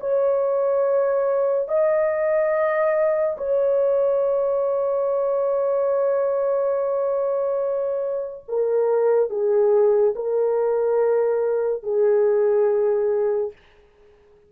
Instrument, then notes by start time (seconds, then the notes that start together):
horn
0.00 C#5
1.68 D#5
3.37 C#5
8.48 A#4
9.30 G#4
10.15 A#4
11.83 G#4